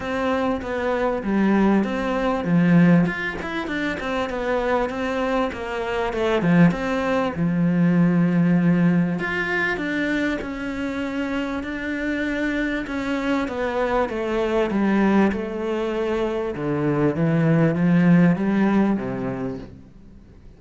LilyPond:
\new Staff \with { instrumentName = "cello" } { \time 4/4 \tempo 4 = 98 c'4 b4 g4 c'4 | f4 f'8 e'8 d'8 c'8 b4 | c'4 ais4 a8 f8 c'4 | f2. f'4 |
d'4 cis'2 d'4~ | d'4 cis'4 b4 a4 | g4 a2 d4 | e4 f4 g4 c4 | }